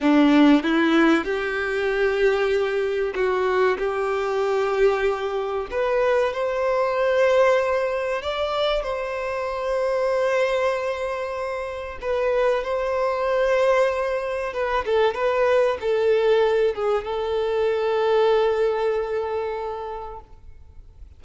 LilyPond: \new Staff \with { instrumentName = "violin" } { \time 4/4 \tempo 4 = 95 d'4 e'4 g'2~ | g'4 fis'4 g'2~ | g'4 b'4 c''2~ | c''4 d''4 c''2~ |
c''2. b'4 | c''2. b'8 a'8 | b'4 a'4. gis'8 a'4~ | a'1 | }